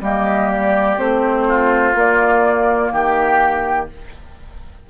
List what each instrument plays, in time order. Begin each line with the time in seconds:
0.00 bassoon G3, clarinet A#3, oboe G4, flute D#5
0.52 flute D5
0.97 bassoon A3, clarinet C4, flute C5
1.48 oboe F4
1.94 bassoon A#3, clarinet A#3, flute D5
2.91 bassoon D#3, oboe G4, flute G5